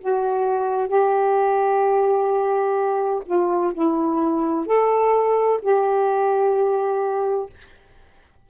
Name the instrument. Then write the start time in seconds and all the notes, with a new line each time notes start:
saxophone
0.00 F#4
0.88 G4
3.26 F4
3.74 E4
4.66 A4
5.62 G4